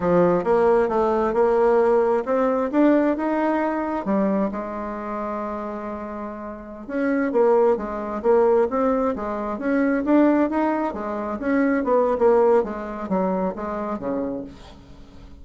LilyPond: \new Staff \with { instrumentName = "bassoon" } { \time 4/4 \tempo 4 = 133 f4 ais4 a4 ais4~ | ais4 c'4 d'4 dis'4~ | dis'4 g4 gis2~ | gis2.~ gis16 cis'8.~ |
cis'16 ais4 gis4 ais4 c'8.~ | c'16 gis4 cis'4 d'4 dis'8.~ | dis'16 gis4 cis'4 b8. ais4 | gis4 fis4 gis4 cis4 | }